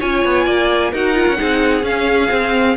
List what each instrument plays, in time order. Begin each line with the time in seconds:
0.00 cello C#4, viola F4, violin C#5 G#5
0.25 cello B3
0.45 cello A#3, violin D5
0.92 cello D#4, viola F#4, violin A#4 F#5
1.14 viola F4
1.28 cello C#4
1.36 cello C4, viola D#4, violin G#4
1.83 cello C#4, viola C#4, violin F5
2.30 viola C4, cello C4